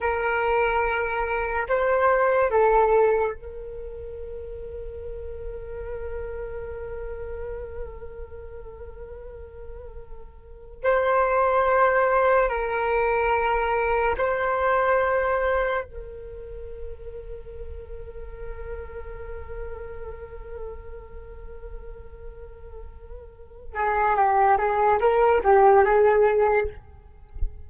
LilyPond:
\new Staff \with { instrumentName = "flute" } { \time 4/4 \tempo 4 = 72 ais'2 c''4 a'4 | ais'1~ | ais'1~ | ais'4 c''2 ais'4~ |
ais'4 c''2 ais'4~ | ais'1~ | ais'1~ | ais'8 gis'8 g'8 gis'8 ais'8 g'8 gis'4 | }